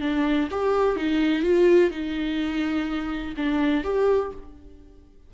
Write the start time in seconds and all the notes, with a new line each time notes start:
0.00 D4
0.51 G4
0.96 D#4
1.43 F4
1.91 D#4
3.36 D4
3.84 G4